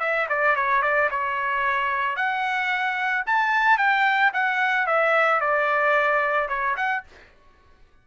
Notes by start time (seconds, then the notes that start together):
0.00 E5
0.29 D5
0.56 C#5
0.82 D5
1.11 C#5
2.16 F#5
3.26 A5
3.78 G5
4.33 F#5
4.87 E5
5.41 D5
6.49 C#5
6.77 F#5